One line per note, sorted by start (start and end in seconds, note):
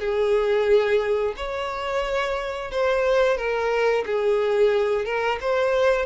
0.00 1.35 G#4
1.37 2.72 C#5
2.72 3.38 C5
3.38 4.05 A#4
4.06 5.06 G#4
5.06 5.39 A#4
5.41 6.06 C5